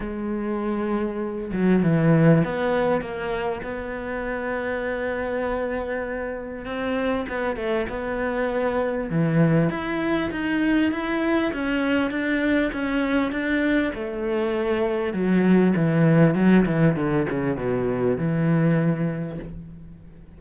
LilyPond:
\new Staff \with { instrumentName = "cello" } { \time 4/4 \tempo 4 = 99 gis2~ gis8 fis8 e4 | b4 ais4 b2~ | b2. c'4 | b8 a8 b2 e4 |
e'4 dis'4 e'4 cis'4 | d'4 cis'4 d'4 a4~ | a4 fis4 e4 fis8 e8 | d8 cis8 b,4 e2 | }